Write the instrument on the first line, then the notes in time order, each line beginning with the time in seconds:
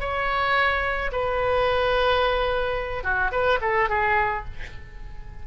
oboe
0.00 C#5
1.12 B4
3.04 F#4
3.32 B4
3.61 A4
3.89 G#4